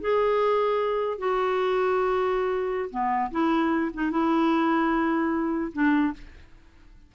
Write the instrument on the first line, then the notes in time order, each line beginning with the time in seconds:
clarinet
0.00 G#4
1.18 F#4
2.90 B3
3.31 E4
3.93 D#4
4.11 E4
5.73 D4